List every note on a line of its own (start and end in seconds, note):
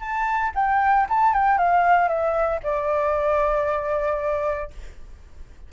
0.00 0.52 A5
0.55 1.06 G5
1.09 1.33 A5
1.33 1.58 G5
1.58 2.08 F5
2.08 2.60 E5
2.63 4.70 D5